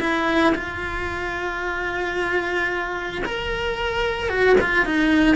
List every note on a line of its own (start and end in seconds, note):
0.00 0.54 E4
0.55 3.22 F4
3.25 4.29 A#4
4.29 4.56 F#4
4.61 4.85 F4
4.85 5.35 D#4